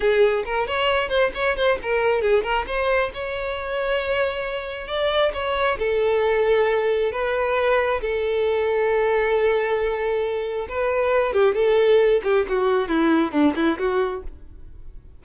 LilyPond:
\new Staff \with { instrumentName = "violin" } { \time 4/4 \tempo 4 = 135 gis'4 ais'8 cis''4 c''8 cis''8 c''8 | ais'4 gis'8 ais'8 c''4 cis''4~ | cis''2. d''4 | cis''4 a'2. |
b'2 a'2~ | a'1 | b'4. g'8 a'4. g'8 | fis'4 e'4 d'8 e'8 fis'4 | }